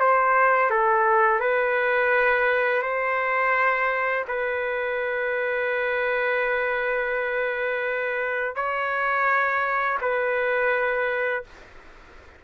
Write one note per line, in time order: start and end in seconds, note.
0.00 0.70 C5
0.70 1.40 A4
1.40 2.82 B4
2.82 4.25 C5
4.28 8.55 B4
8.55 9.98 C#5
10.01 11.44 B4